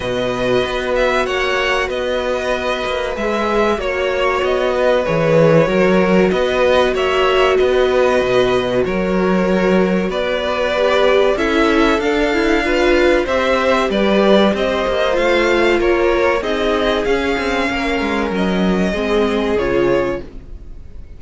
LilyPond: <<
  \new Staff \with { instrumentName = "violin" } { \time 4/4 \tempo 4 = 95 dis''4. e''8 fis''4 dis''4~ | dis''4 e''4 cis''4 dis''4 | cis''2 dis''4 e''4 | dis''2 cis''2 |
d''2 e''4 f''4~ | f''4 e''4 d''4 dis''4 | f''4 cis''4 dis''4 f''4~ | f''4 dis''2 cis''4 | }
  \new Staff \with { instrumentName = "violin" } { \time 4/4 b'2 cis''4 b'4~ | b'2 cis''4. b'8~ | b'4 ais'4 b'4 cis''4 | b'2 ais'2 |
b'2 a'2 | b'4 c''4 b'4 c''4~ | c''4 ais'4 gis'2 | ais'2 gis'2 | }
  \new Staff \with { instrumentName = "viola" } { \time 4/4 fis'1~ | fis'4 gis'4 fis'2 | gis'4 fis'2.~ | fis'1~ |
fis'4 g'4 e'4 d'8 e'8 | f'4 g'2. | f'2 dis'4 cis'4~ | cis'2 c'4 f'4 | }
  \new Staff \with { instrumentName = "cello" } { \time 4/4 b,4 b4 ais4 b4~ | b8 ais8 gis4 ais4 b4 | e4 fis4 b4 ais4 | b4 b,4 fis2 |
b2 cis'4 d'4~ | d'4 c'4 g4 c'8 ais8 | a4 ais4 c'4 cis'8 c'8 | ais8 gis8 fis4 gis4 cis4 | }
>>